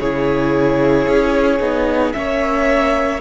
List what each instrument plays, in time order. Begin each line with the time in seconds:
0.00 cello C#3, viola E4, violin G#4 C#5
1.08 cello C#4
1.60 cello B3, viola D#4
2.13 cello A#3, viola C#4, violin C#5 E5